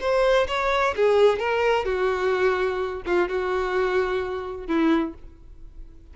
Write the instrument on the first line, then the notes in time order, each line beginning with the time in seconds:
violin
0.00 C5
0.48 C#5
0.96 G#4
1.39 A#4
1.85 F#4
3.06 F4
3.29 F#4
4.67 E4